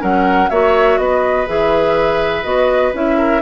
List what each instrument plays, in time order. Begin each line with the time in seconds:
0.00 bassoon F#3, clarinet C#4, oboe A#4, flute F#5
0.49 bassoon A#3, clarinet F#4, oboe C#5, flute E5
0.98 bassoon B3, oboe B4, flute D#5
1.47 bassoon E3, clarinet G#4, flute E5
2.44 bassoon B3, clarinet F#4, flute D#5
2.93 bassoon C#4, clarinet E4, flute E5
3.18 oboe A#4